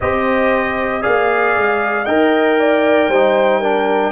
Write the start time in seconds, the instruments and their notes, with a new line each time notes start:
0.00 tuba C4, trombone G4, horn C5, trumpet D#5
1.02 tuba A#3, trombone G#4, horn D5, trumpet F5
1.57 tuba G#3
2.05 tuba D#4, trombone A#4, horn D#5, trumpet G5
2.59 horn D5
3.08 tuba G3, trombone D#4, horn C5
3.59 trombone D4, horn A#4